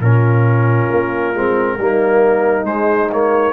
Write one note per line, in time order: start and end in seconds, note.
0.00 0.88 A#2
0.00 1.34 C#4
0.00 1.77 F4
0.00 2.66 A#4
0.90 1.35 A#3
1.34 1.77 G#3
1.34 1.78 C4
1.77 2.65 G3
1.77 2.65 A#3
1.77 3.53 D#4
2.65 3.09 G#3
2.65 3.53 G#3
2.65 3.10 C5
3.12 3.53 A#3
3.12 3.53 C#5